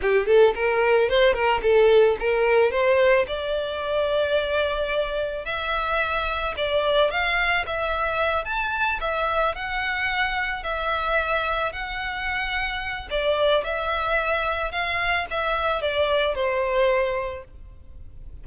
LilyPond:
\new Staff \with { instrumentName = "violin" } { \time 4/4 \tempo 4 = 110 g'8 a'8 ais'4 c''8 ais'8 a'4 | ais'4 c''4 d''2~ | d''2 e''2 | d''4 f''4 e''4. a''8~ |
a''8 e''4 fis''2 e''8~ | e''4. fis''2~ fis''8 | d''4 e''2 f''4 | e''4 d''4 c''2 | }